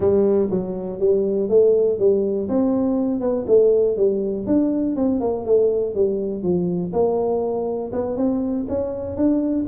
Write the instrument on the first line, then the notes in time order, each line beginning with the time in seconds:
tuba
0.00 G3
0.50 F#3
0.99 G3
1.49 A3
1.98 G3
2.48 C4
3.20 B3
3.47 A3
3.96 G3
4.46 D4
4.95 C4
5.20 A#3
5.45 A3
5.94 G3
6.42 F3
6.93 A#3
7.92 B3
8.16 C4
8.68 C#4
9.16 D4